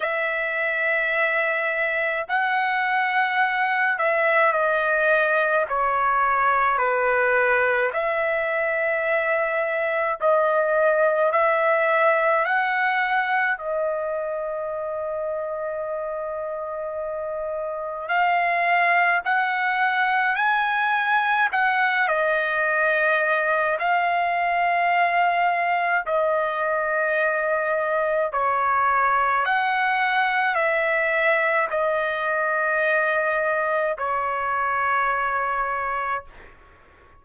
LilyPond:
\new Staff \with { instrumentName = "trumpet" } { \time 4/4 \tempo 4 = 53 e''2 fis''4. e''8 | dis''4 cis''4 b'4 e''4~ | e''4 dis''4 e''4 fis''4 | dis''1 |
f''4 fis''4 gis''4 fis''8 dis''8~ | dis''4 f''2 dis''4~ | dis''4 cis''4 fis''4 e''4 | dis''2 cis''2 | }